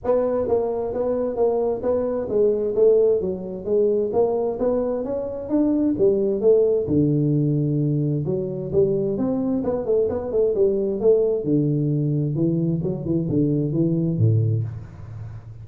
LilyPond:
\new Staff \with { instrumentName = "tuba" } { \time 4/4 \tempo 4 = 131 b4 ais4 b4 ais4 | b4 gis4 a4 fis4 | gis4 ais4 b4 cis'4 | d'4 g4 a4 d4~ |
d2 fis4 g4 | c'4 b8 a8 b8 a8 g4 | a4 d2 e4 | fis8 e8 d4 e4 a,4 | }